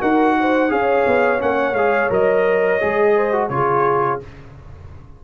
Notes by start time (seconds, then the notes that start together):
0.00 D#4 F#4 A#4 F#5
0.40 C5
0.69 C#4 G#4 C#5 F5
1.06 B3
1.39 A#3 C#4 F#5
1.73 G#3 G#4 F5
2.10 F#3 A#4 D#5
2.80 G#3 G#4
3.15 C5
3.32 F#4
3.49 C#3 F4 G#4 C#5